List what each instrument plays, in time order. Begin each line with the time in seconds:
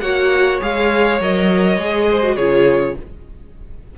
0.00 cello A#3, viola F#4, violin C#5 F#5
0.60 cello G#3, viola G#4, violin F5
1.20 cello F#3, viola A#4, violin D#5
1.77 cello G#3, viola G#4
2.10 violin C5
2.23 viola F#4
2.36 cello C#3, viola F4, violin G#4 C#5